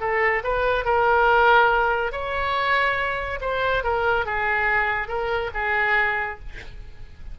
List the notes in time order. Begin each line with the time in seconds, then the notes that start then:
0.00 A4
0.44 B4
0.85 A#4
2.12 C#5
3.41 C5
3.83 A#4
4.26 G#4
5.08 A#4
5.54 G#4